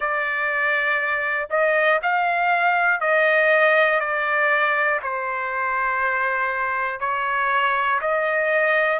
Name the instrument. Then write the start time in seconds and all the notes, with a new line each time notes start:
trumpet
0.00 D5
1.50 D#5
2.02 F5
3.00 D#5
4.00 D5
5.02 C5
7.00 C#5
8.00 D#5